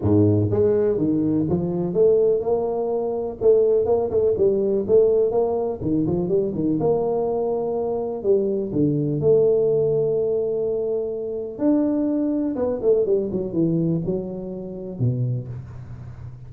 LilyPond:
\new Staff \with { instrumentName = "tuba" } { \time 4/4 \tempo 4 = 124 gis,4 gis4 dis4 f4 | a4 ais2 a4 | ais8 a8 g4 a4 ais4 | dis8 f8 g8 dis8 ais2~ |
ais4 g4 d4 a4~ | a1 | d'2 b8 a8 g8 fis8 | e4 fis2 b,4 | }